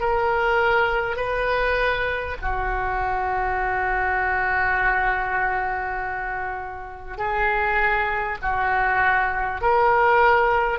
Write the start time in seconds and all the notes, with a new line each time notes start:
0.00 A#4
1.16 B4
2.41 F#4
7.17 G#4
8.42 F#4
9.61 A#4